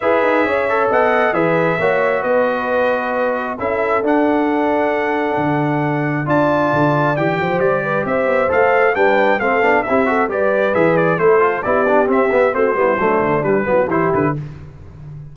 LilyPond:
<<
  \new Staff \with { instrumentName = "trumpet" } { \time 4/4 \tempo 4 = 134 e''2 fis''4 e''4~ | e''4 dis''2. | e''4 fis''2.~ | fis''2 a''2 |
g''4 d''4 e''4 f''4 | g''4 f''4 e''4 d''4 | e''8 d''8 c''4 d''4 e''4 | c''2 b'4 c''8 b'8 | }
  \new Staff \with { instrumentName = "horn" } { \time 4/4 b'4 cis''4 dis''4 b'4 | cis''4 b'2. | a'1~ | a'2 d''2~ |
d''8 c''4 b'8 c''2 | b'4 a'4 g'8 a'8 b'4~ | b'4 a'4 g'2 | fis'8 e'8 d'4. e'16 fis'16 g'4 | }
  \new Staff \with { instrumentName = "trombone" } { \time 4/4 gis'4. a'4. gis'4 | fis'1 | e'4 d'2.~ | d'2 f'2 |
g'2. a'4 | d'4 c'8 d'8 e'8 fis'8 g'4 | gis'4 e'8 f'8 e'8 d'8 c'8 b8 | c'8 b8 a4 g8 b8 e'4 | }
  \new Staff \with { instrumentName = "tuba" } { \time 4/4 e'8 dis'8 cis'4 b4 e4 | ais4 b2. | cis'4 d'2. | d2 d'4 d4 |
e8 f8 g4 c'8 b8 a4 | g4 a8 b8 c'4 g4 | e4 a4 b4 c'8 b8 | a8 g8 fis8 d8 g8 fis8 e8 d8 | }
>>